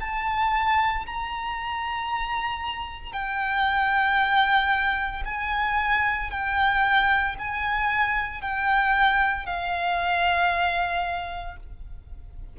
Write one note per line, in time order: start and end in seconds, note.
0.00 1.05 A5
1.06 3.12 A#5
3.12 5.23 G5
5.25 6.30 G#5
6.30 7.35 G5
7.38 8.41 G#5
8.41 9.45 G5
9.45 11.56 F5